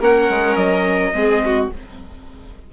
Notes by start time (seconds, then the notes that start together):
0.00 A#3 C#4 A#4 F#5
0.29 G#3
0.56 F#3 D#5
1.13 G#3 C4 G#4
1.45 F#4